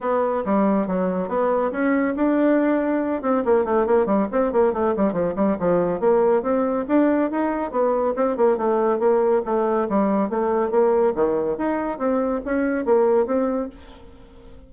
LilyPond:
\new Staff \with { instrumentName = "bassoon" } { \time 4/4 \tempo 4 = 140 b4 g4 fis4 b4 | cis'4 d'2~ d'8 c'8 | ais8 a8 ais8 g8 c'8 ais8 a8 g8 | f8 g8 f4 ais4 c'4 |
d'4 dis'4 b4 c'8 ais8 | a4 ais4 a4 g4 | a4 ais4 dis4 dis'4 | c'4 cis'4 ais4 c'4 | }